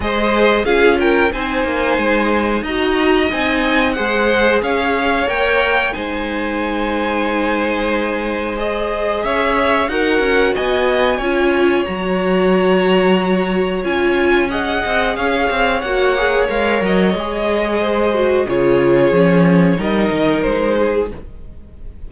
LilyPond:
<<
  \new Staff \with { instrumentName = "violin" } { \time 4/4 \tempo 4 = 91 dis''4 f''8 g''8 gis''2 | ais''4 gis''4 fis''4 f''4 | g''4 gis''2.~ | gis''4 dis''4 e''4 fis''4 |
gis''2 ais''2~ | ais''4 gis''4 fis''4 f''4 | fis''4 f''8 dis''2~ dis''8 | cis''2 dis''4 c''4 | }
  \new Staff \with { instrumentName = "violin" } { \time 4/4 c''4 gis'8 ais'8 c''2 | dis''2 c''4 cis''4~ | cis''4 c''2.~ | c''2 cis''4 ais'4 |
dis''4 cis''2.~ | cis''2 dis''4 cis''4~ | cis''2. c''4 | gis'2 ais'4. gis'8 | }
  \new Staff \with { instrumentName = "viola" } { \time 4/4 gis'4 f'4 dis'2 | fis'4 dis'4 gis'2 | ais'4 dis'2.~ | dis'4 gis'2 fis'4~ |
fis'4 f'4 fis'2~ | fis'4 f'4 gis'2 | fis'8 gis'8 ais'4 gis'4. fis'8 | f'4 cis'4 dis'2 | }
  \new Staff \with { instrumentName = "cello" } { \time 4/4 gis4 cis'4 c'8 ais8 gis4 | dis'4 c'4 gis4 cis'4 | ais4 gis2.~ | gis2 cis'4 dis'8 cis'8 |
b4 cis'4 fis2~ | fis4 cis'4. c'8 cis'8 c'8 | ais4 gis8 fis8 gis2 | cis4 f4 g8 dis8 gis4 | }
>>